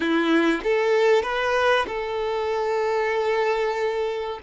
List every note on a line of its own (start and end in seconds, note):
0.00 0.60 E4
0.63 1.22 A4
1.22 1.85 B4
1.87 4.39 A4